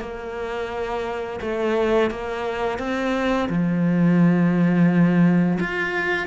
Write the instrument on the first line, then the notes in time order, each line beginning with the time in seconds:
cello
0.00 A#3
1.41 A3
2.10 A#3
2.79 C4
3.49 F3
5.60 F4